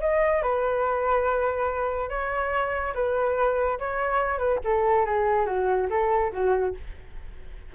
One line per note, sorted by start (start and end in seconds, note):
0.00 0.42 D#5
0.42 2.09 B4
2.09 2.93 C#5
2.94 3.78 B4
3.79 4.38 C#5
4.38 4.59 B4
4.64 5.05 A4
5.05 5.45 G#4
5.45 5.87 F#4
5.90 6.32 A4
6.32 6.74 F#4